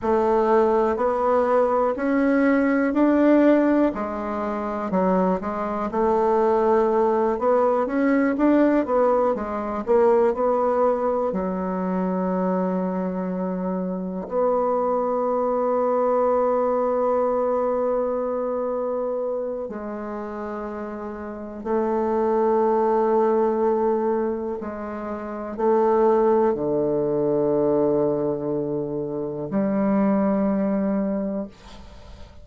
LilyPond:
\new Staff \with { instrumentName = "bassoon" } { \time 4/4 \tempo 4 = 61 a4 b4 cis'4 d'4 | gis4 fis8 gis8 a4. b8 | cis'8 d'8 b8 gis8 ais8 b4 fis8~ | fis2~ fis8 b4.~ |
b1 | gis2 a2~ | a4 gis4 a4 d4~ | d2 g2 | }